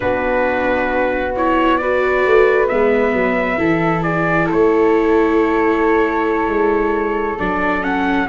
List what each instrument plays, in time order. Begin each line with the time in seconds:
0.00 tuba B3, viola D4, flute F#4, trumpet B4
1.36 viola E4, trumpet C#5
1.77 viola F#4, flute B4, trumpet D5
2.25 tuba A3
2.68 tuba G#3, viola B3, trumpet E5
3.12 tuba F#3
3.57 tuba E3, viola E4, flute A4
4.02 flute G#4, trumpet D5
4.46 tuba A3, flute A4, trumpet C#5
6.47 tuba G#3
7.39 tuba F#3, viola D4, trumpet D5
7.82 viola C#4, trumpet F#5